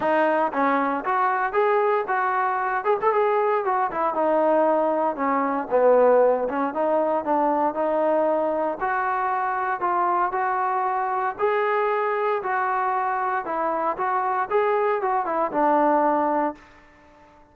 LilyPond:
\new Staff \with { instrumentName = "trombone" } { \time 4/4 \tempo 4 = 116 dis'4 cis'4 fis'4 gis'4 | fis'4. gis'16 a'16 gis'4 fis'8 e'8 | dis'2 cis'4 b4~ | b8 cis'8 dis'4 d'4 dis'4~ |
dis'4 fis'2 f'4 | fis'2 gis'2 | fis'2 e'4 fis'4 | gis'4 fis'8 e'8 d'2 | }